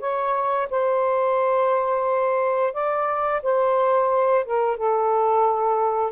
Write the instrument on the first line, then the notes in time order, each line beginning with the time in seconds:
saxophone
0.00 C#5
0.71 C5
2.74 D5
3.43 C5
4.45 A#4
4.77 A4